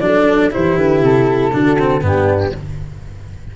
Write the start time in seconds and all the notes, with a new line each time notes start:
0.00 F#3 D4 A4 D5
0.51 E3 E4 G4 C5
0.77 D3 B4
1.02 C3 A4
1.53 D3 D4 F#4
1.79 C4
2.01 G2 B3 D4 G4